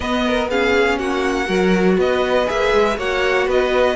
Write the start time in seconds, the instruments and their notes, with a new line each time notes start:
0.00 viola B3, cello B3, violin B4 D#5
0.25 violin A#4
0.50 viola C#4, violin G#4 F5
0.98 cello A#3, violin F#4 F#5
1.45 cello F#3, viola F#4, violin A#4
1.97 cello B3, violin B4 D#5
2.46 cello A#3, viola G#4, violin E5
2.73 cello G#3
2.97 cello A#3, viola F#4, violin C#5 F#5
3.46 cello B3, violin B4 D#5